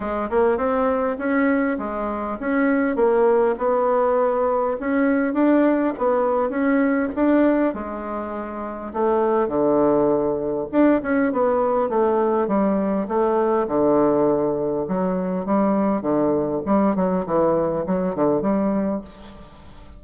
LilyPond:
\new Staff \with { instrumentName = "bassoon" } { \time 4/4 \tempo 4 = 101 gis8 ais8 c'4 cis'4 gis4 | cis'4 ais4 b2 | cis'4 d'4 b4 cis'4 | d'4 gis2 a4 |
d2 d'8 cis'8 b4 | a4 g4 a4 d4~ | d4 fis4 g4 d4 | g8 fis8 e4 fis8 d8 g4 | }